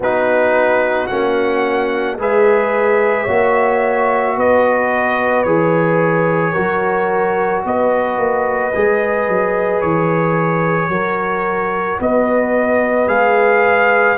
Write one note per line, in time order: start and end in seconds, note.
0.00 1.08 B3
0.00 1.09 D#4
0.00 2.18 F#4
0.00 1.07 B4
1.07 2.18 A#3
1.07 2.18 C#4
1.07 2.16 F#5
2.18 3.27 G#3
2.18 3.27 G#4
2.18 3.23 B4
2.18 4.39 E5
3.23 4.36 A#3
3.23 5.45 F#4
3.23 4.32 C#5
4.37 5.45 B3
4.37 6.52 B4
4.37 5.42 D#5
5.42 6.54 E3
5.42 6.54 G#4
5.42 7.61 C#5
6.52 7.64 F#3
6.52 8.72 F#4
6.52 7.62 A#4
7.64 8.17 B3
7.64 10.90 B4
7.64 9.81 D#5
8.17 8.72 A#3
8.74 9.28 G#3
8.74 10.90 G#4
9.28 9.82 F#3
9.81 10.89 E3
9.81 11.99 C#5
10.89 11.98 F#3
10.89 13.07 F#4
10.89 12.00 A#4
12.00 13.08 B3
12.00 14.17 B4
12.00 13.08 D#5
13.07 14.17 G#3
13.07 14.16 G#4
13.07 14.17 F5